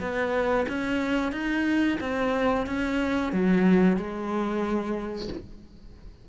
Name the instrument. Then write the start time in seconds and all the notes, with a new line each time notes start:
cello
0.00 B3
0.69 C#4
1.32 D#4
2.00 C4
2.66 C#4
3.33 F#3
3.97 G#3